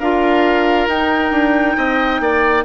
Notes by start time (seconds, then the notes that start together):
0.00 D4 F4 A#4 F5
0.88 D#4 G5
1.32 D4
1.78 C4 D#5
2.20 A#3 D5